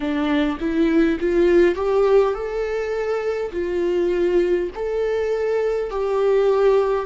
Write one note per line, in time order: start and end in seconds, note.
0.00 0.58 D4
0.59 1.18 E4
1.20 1.75 F4
1.75 2.34 G4
2.34 3.51 A4
3.52 4.70 F4
4.75 5.90 A4
5.90 7.05 G4